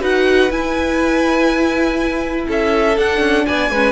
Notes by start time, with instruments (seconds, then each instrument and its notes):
0.00 cello D#4, viola F#4, violin B4 F#5
0.50 cello E4, viola E4, violin G#5
2.48 cello C#4, violin A4 E5
2.97 cello D4, viola D4, violin F#5
3.19 cello C#4
3.46 cello B3, violin D5 G#5
3.70 cello G#3, viola C#4, violin B4